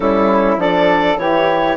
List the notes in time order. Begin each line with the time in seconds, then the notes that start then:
0.00 G3 C#4 E4 A4
0.56 F3 D4 A4 D5
1.17 E3 E4 G4 C#5